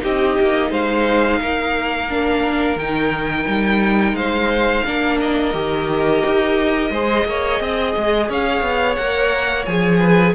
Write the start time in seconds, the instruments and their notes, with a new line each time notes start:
0.00 cello C4, viola D#4, violin G4 D#5
0.39 cello A#3
0.70 cello G#3, violin C5 F5
1.40 cello A#3, violin A#4
2.10 viola D4
2.76 cello D#3, viola D#4, violin G5
3.48 cello G3
4.13 cello G#3, violin C5 F5
4.86 cello A#3, viola D4, violin A#4
5.20 violin D#5
5.54 cello D#3, viola G4
6.26 cello D#4
6.90 cello G#3, viola G#4, violin C5
7.26 cello A#3, violin C#5
7.60 cello C4, violin D#5
7.97 cello G#3
8.29 cello C#4, violin C#5 F5
8.62 cello B3
8.96 cello A#3, viola A#4, violin F#5
9.66 cello F3, viola G#4, violin G#5
9.99 violin B4